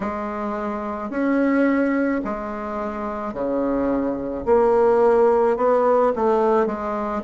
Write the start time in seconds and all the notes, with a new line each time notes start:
0.00 G#3
1.10 C#4
2.24 G#3
3.33 C#3
4.45 A#3
5.56 B3
6.15 A3
6.66 G#3